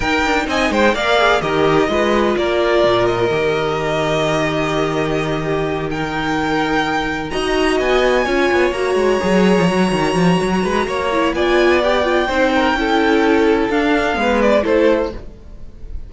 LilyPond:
<<
  \new Staff \with { instrumentName = "violin" } { \time 4/4 \tempo 4 = 127 g''4 gis''8 g''8 f''4 dis''4~ | dis''4 d''4. dis''4.~ | dis''1~ | dis''8 g''2. ais''8~ |
ais''8 gis''2 ais''4.~ | ais''1 | gis''4 g''2.~ | g''4 f''4. d''8 c''4 | }
  \new Staff \with { instrumentName = "violin" } { \time 4/4 ais'4 dis''8 c''8 d''4 ais'4 | b'4 ais'2.~ | ais'2.~ ais'8 g'8~ | g'8 ais'2. dis''8~ |
dis''4. cis''2~ cis''8~ | cis''2~ cis''8 b'8 cis''4 | d''2 c''8 ais'8 a'4~ | a'2 b'4 a'4 | }
  \new Staff \with { instrumentName = "viola" } { \time 4/4 dis'2 ais'8 gis'8 g'4 | f'2. g'4~ | g'1~ | g'8 dis'2. fis'8~ |
fis'4. f'4 fis'4 gis'8~ | gis'8 fis'2. e'8 | f'4 g'8 f'8 dis'4 e'4~ | e'4 d'4 b4 e'4 | }
  \new Staff \with { instrumentName = "cello" } { \time 4/4 dis'8 d'8 c'8 gis8 ais4 dis4 | gis4 ais4 ais,4 dis4~ | dis1~ | dis2.~ dis8 dis'8~ |
dis'8 b4 cis'8 b8 ais8 gis8 fis8~ | fis16 f16 fis8 dis8 f8 fis8 gis8 ais4 | b2 c'4 cis'4~ | cis'4 d'4 gis4 a4 | }
>>